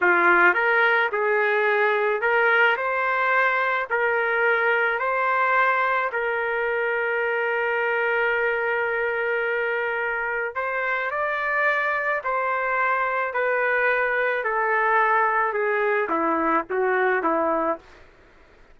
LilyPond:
\new Staff \with { instrumentName = "trumpet" } { \time 4/4 \tempo 4 = 108 f'4 ais'4 gis'2 | ais'4 c''2 ais'4~ | ais'4 c''2 ais'4~ | ais'1~ |
ais'2. c''4 | d''2 c''2 | b'2 a'2 | gis'4 e'4 fis'4 e'4 | }